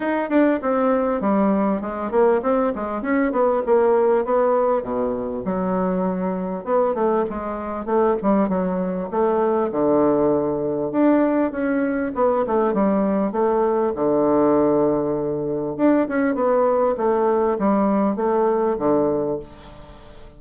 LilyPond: \new Staff \with { instrumentName = "bassoon" } { \time 4/4 \tempo 4 = 99 dis'8 d'8 c'4 g4 gis8 ais8 | c'8 gis8 cis'8 b8 ais4 b4 | b,4 fis2 b8 a8 | gis4 a8 g8 fis4 a4 |
d2 d'4 cis'4 | b8 a8 g4 a4 d4~ | d2 d'8 cis'8 b4 | a4 g4 a4 d4 | }